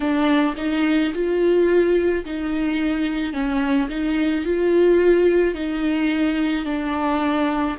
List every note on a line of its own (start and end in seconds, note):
0.00 0.55 D4
0.56 1.12 D#4
1.14 2.25 F4
2.25 3.33 D#4
3.33 3.88 C#4
3.89 4.44 D#4
4.44 5.54 F4
5.54 6.65 D#4
6.65 7.76 D4